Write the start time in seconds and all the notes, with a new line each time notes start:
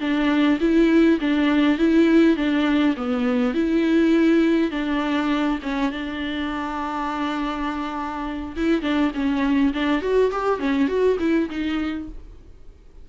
0.00 D4
0.60 E4
1.20 D4
1.78 E4
2.36 D4
2.97 B3
3.54 E4
4.71 D4
5.62 C#4
5.91 D4
8.56 E4
8.82 D4
9.14 C#4
9.73 D4
10.01 F#4
10.31 G4
10.59 C#4
10.88 F#4
11.19 E4
11.49 D#4